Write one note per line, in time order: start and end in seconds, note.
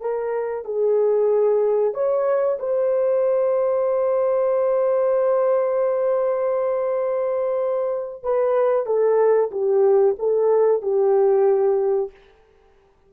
0.00 0.65 A#4
0.65 1.94 G#4
1.94 2.58 C#5
2.59 8.23 C5
8.23 8.86 B4
8.86 9.50 A4
9.51 10.15 G4
10.19 10.82 A4
10.82 12.11 G4